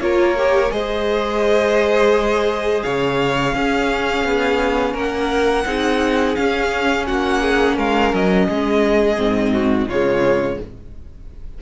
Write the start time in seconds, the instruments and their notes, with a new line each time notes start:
0.00 cello A#3, viola F4, violin A#4 C#5
0.38 viola G4
0.71 cello G#3, viola G#4, violin C5 D#5
2.83 cello C#3, violin C#5 F5
3.53 viola C#4, cello C#4, violin G#4
4.24 cello B3
4.94 cello A#3, violin A#4 F#5
5.65 cello C4, viola D#4, violin G#4
6.35 viola C#4, cello C#4, violin F5
7.07 cello A#3, violin F#4 F#5
7.42 violin G#4
7.76 cello G#3, violin A#4 F5
8.13 cello F#3, violin D#5
8.49 cello G#3, violin G#4
9.17 cello G#2, viola C4
9.53 violin F#4
9.87 cello C#3, viola G#3, violin F4 C#5